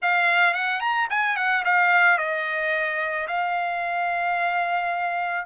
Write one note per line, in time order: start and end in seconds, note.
0.02 0.53 F5
0.53 0.80 F#5
0.80 1.07 A#5
1.10 1.36 G#5
1.36 1.63 F#5
1.64 2.18 F5
2.18 3.27 D#5
3.27 5.45 F5